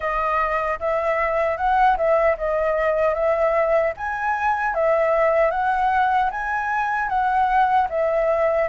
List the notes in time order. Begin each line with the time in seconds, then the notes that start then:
0.00 D#5
0.79 E5
1.57 F#5
1.97 E5
2.37 D#5
3.14 E5
3.97 G#5
4.74 E5
5.50 F#5
6.31 G#5
7.08 F#5
7.89 E5